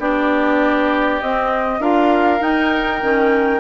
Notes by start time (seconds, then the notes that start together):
0.00 B3 D4 G4 D5
1.22 C4 D#5
1.80 D4 F4 A#4 F5
2.40 D#4 G5
3.03 D#3 C#4